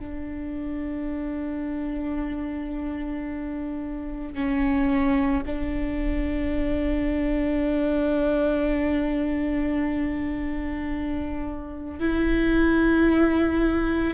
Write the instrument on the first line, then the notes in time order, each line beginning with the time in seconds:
viola
0.00 D4
4.35 C#4
5.46 D4
12.00 E4